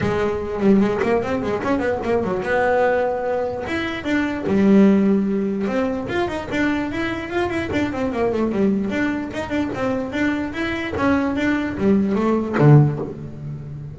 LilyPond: \new Staff \with { instrumentName = "double bass" } { \time 4/4 \tempo 4 = 148 gis4. g8 gis8 ais8 c'8 gis8 | cis'8 b8 ais8 fis8 b2~ | b4 e'4 d'4 g4~ | g2 c'4 f'8 dis'8 |
d'4 e'4 f'8 e'8 d'8 c'8 | ais8 a8 g4 d'4 dis'8 d'8 | c'4 d'4 e'4 cis'4 | d'4 g4 a4 d4 | }